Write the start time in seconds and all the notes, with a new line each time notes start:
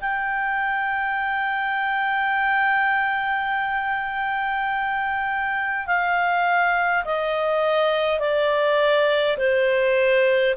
0.00 G5
5.87 F5
7.04 D#5
8.19 D5
9.37 C5